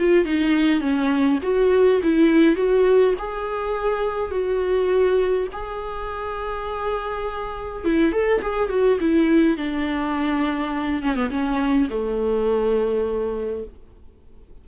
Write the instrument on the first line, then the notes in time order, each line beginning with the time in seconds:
viola
0.00 F4
0.25 D#4
0.81 C#4
1.43 F#4
2.03 E4
2.56 F#4
3.19 G#4
4.32 F#4
5.53 G#4
7.85 E4
8.13 A4
8.42 G#4
8.70 F#4
9.01 E4
9.57 D4
11.03 C#4
11.16 B3
11.31 C#4
11.90 A3